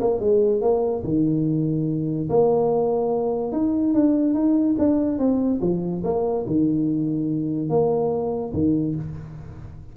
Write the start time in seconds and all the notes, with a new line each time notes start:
0.00 A#3
0.20 G#3
0.61 A#3
1.04 D#3
2.29 A#3
3.52 D#4
3.94 D4
4.34 D#4
4.78 D4
5.19 C4
5.61 F3
6.04 A#3
6.46 D#3
7.69 A#3
8.53 D#3